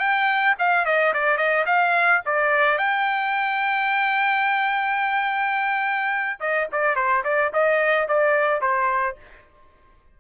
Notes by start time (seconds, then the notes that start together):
0.00 G5
0.59 F5
0.86 D#5
1.14 D5
1.38 D#5
1.66 F5
2.26 D5
2.79 G5
6.40 D#5
6.72 D5
6.96 C5
7.25 D5
7.54 D#5
8.08 D5
8.62 C5